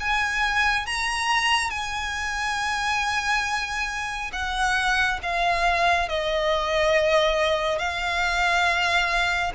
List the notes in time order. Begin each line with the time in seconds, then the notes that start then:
0.00 G#5
0.87 A#5
1.70 G#5
4.33 F#5
5.23 F5
6.09 D#5
7.79 F5